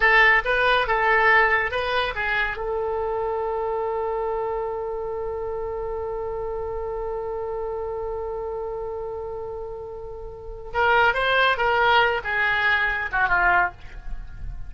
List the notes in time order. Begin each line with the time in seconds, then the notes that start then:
0.00 A4
0.44 B4
0.87 A4
1.71 B4
2.15 G#4
2.57 A4
10.73 A#4
11.14 C5
11.57 A#4
12.24 G#4
13.11 F#4
13.28 F4